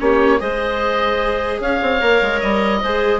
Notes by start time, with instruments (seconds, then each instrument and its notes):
0.00 bassoon A#3, viola C#4, clarinet G4, oboe C#5
0.39 bassoon G#3, viola G#4, clarinet C5, oboe D#5
1.60 bassoon C#4, clarinet C#5, oboe F5
1.82 bassoon C4
2.01 bassoon A#3, viola A#4
2.22 bassoon G#3
2.40 bassoon G3, oboe D#5
2.82 bassoon G#3, viola G#4, clarinet C5